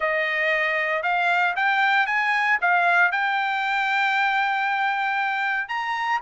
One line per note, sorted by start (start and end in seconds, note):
0.00 1.03 D#5
1.03 1.54 F5
1.55 2.06 G5
2.06 2.58 G#5
2.61 3.11 F5
3.11 5.68 G5
5.68 6.20 A#5